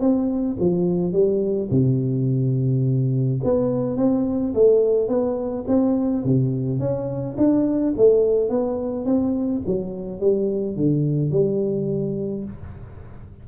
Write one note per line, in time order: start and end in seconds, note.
0.00 0.57 C4
0.59 1.12 F3
1.12 1.69 G3
1.71 3.41 C3
3.44 3.97 B3
3.97 4.53 C4
4.54 5.08 A3
5.08 5.65 B3
5.67 6.24 C4
6.24 6.79 C3
6.79 7.36 C#4
7.37 7.94 D4
7.97 8.50 A3
8.50 9.05 B3
9.05 9.62 C4
9.66 10.20 F#3
10.20 10.76 G3
10.76 11.31 D3
11.31 12.44 G3